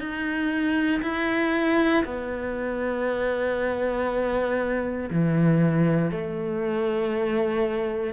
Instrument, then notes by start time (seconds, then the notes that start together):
cello
0.00 D#4
1.02 E4
2.04 B3
5.10 E3
6.11 A3